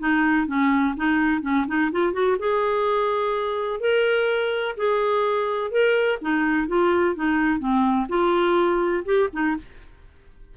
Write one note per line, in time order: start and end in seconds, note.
0.00 0.48 D#4
0.48 0.95 C#4
0.97 1.42 D#4
1.42 1.66 C#4
1.68 1.92 D#4
1.92 2.13 F4
2.13 2.37 F#4
2.40 3.81 G#4
3.81 4.76 A#4
4.77 5.71 G#4
5.71 6.19 A#4
6.22 6.68 D#4
6.68 7.16 F4
7.16 7.60 D#4
7.60 8.07 C4
8.09 9.04 F4
9.05 9.29 G4
9.33 9.57 D#4